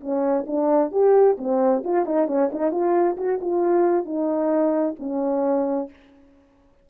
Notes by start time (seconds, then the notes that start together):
0.00 C#4
0.46 D4
0.91 G4
1.38 C4
1.84 F4
2.05 D#4
2.27 C#4
2.52 D#4
2.71 F4
3.17 F#4
3.41 F4
4.05 D#4
4.99 C#4